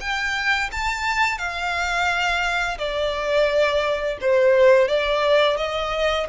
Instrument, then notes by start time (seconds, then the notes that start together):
violin
0.00 G5
0.71 A5
1.38 F5
2.78 D5
4.21 C5
4.88 D5
5.57 D#5